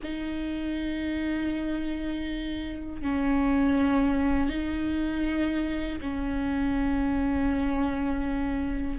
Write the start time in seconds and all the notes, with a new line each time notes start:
0.02 D#4
3.01 C#4
4.49 D#4
6.00 C#4